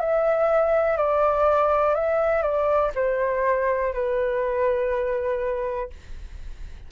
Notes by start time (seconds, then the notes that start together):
0.00 E5
0.97 D5
1.95 E5
2.42 D5
2.96 C5
3.93 B4